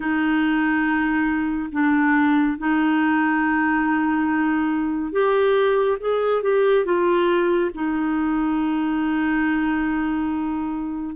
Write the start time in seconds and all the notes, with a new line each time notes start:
0.00 D#4
1.72 D4
2.58 D#4
5.12 G4
6.00 G#4
6.42 G4
6.85 F4
7.74 D#4